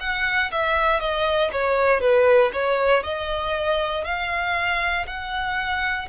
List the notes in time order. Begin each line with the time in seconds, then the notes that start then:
0.00 F#5
0.52 E5
1.00 D#5
1.52 C#5
2.01 B4
2.53 C#5
3.03 D#5
4.04 F5
5.07 F#5